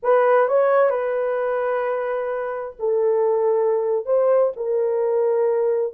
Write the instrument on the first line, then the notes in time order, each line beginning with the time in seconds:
horn
0.02 B4
0.48 C#5
0.90 B4
2.79 A4
4.05 C5
4.56 A#4